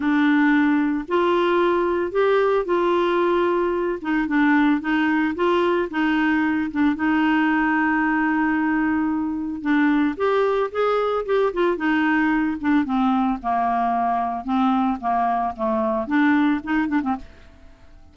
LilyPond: \new Staff \with { instrumentName = "clarinet" } { \time 4/4 \tempo 4 = 112 d'2 f'2 | g'4 f'2~ f'8 dis'8 | d'4 dis'4 f'4 dis'4~ | dis'8 d'8 dis'2.~ |
dis'2 d'4 g'4 | gis'4 g'8 f'8 dis'4. d'8 | c'4 ais2 c'4 | ais4 a4 d'4 dis'8 d'16 c'16 | }